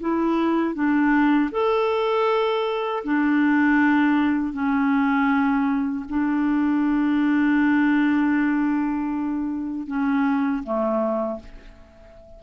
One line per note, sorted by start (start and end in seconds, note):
0.00 0.74 E4
0.74 1.50 D4
1.51 3.03 A4
3.04 4.53 D4
4.53 6.05 C#4
6.09 9.87 D4
9.87 10.63 C#4
10.63 11.39 A3